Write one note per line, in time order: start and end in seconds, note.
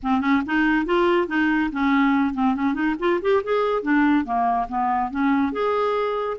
0.02 0.20 C4
0.20 0.42 C#4
0.46 0.85 D#4
0.85 1.27 F4
1.27 1.70 D#4
1.72 2.34 C#4
2.34 2.55 C4
2.55 2.74 C#4
2.74 2.95 D#4
2.99 3.20 F4
3.21 3.43 G4
3.43 3.82 G#4
3.82 4.24 D4
4.24 4.67 A#3
4.68 5.10 B3
5.10 5.52 C#4
5.52 6.37 G#4